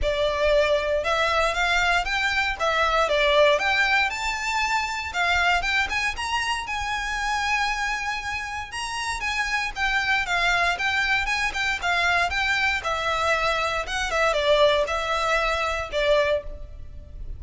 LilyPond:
\new Staff \with { instrumentName = "violin" } { \time 4/4 \tempo 4 = 117 d''2 e''4 f''4 | g''4 e''4 d''4 g''4 | a''2 f''4 g''8 gis''8 | ais''4 gis''2.~ |
gis''4 ais''4 gis''4 g''4 | f''4 g''4 gis''8 g''8 f''4 | g''4 e''2 fis''8 e''8 | d''4 e''2 d''4 | }